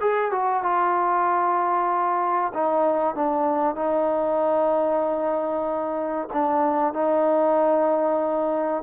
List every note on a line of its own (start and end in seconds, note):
0.00 0.31 G#4
0.31 0.63 F#4
0.63 2.52 F4
2.53 3.15 D#4
3.15 3.75 D4
3.75 6.28 D#4
6.32 6.93 D4
6.93 8.82 D#4